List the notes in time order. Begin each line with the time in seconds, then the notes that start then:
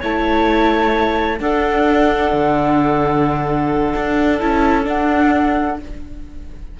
0.00 A3 E4 C#5 A5
1.39 D4 A4 F#5
2.33 D3
3.96 D4
4.39 C#4 E4 A5
4.84 D4 F#5